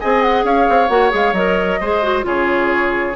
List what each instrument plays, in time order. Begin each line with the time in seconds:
0.00 bassoon C4, clarinet G#4, oboe D#5, flute G#5
0.22 flute F#5
0.44 bassoon C#4, oboe C#5, flute F5
0.69 bassoon C4
0.88 bassoon A#3, clarinet F#4, flute F#5
1.10 bassoon G#3, clarinet G#4, flute F5
1.32 bassoon F#3, clarinet A#4, flute D#5
1.80 bassoon G#3, clarinet G#4, oboe C5
2.03 clarinet F#4
2.22 bassoon C#3, clarinet F4, oboe G#4, flute C#5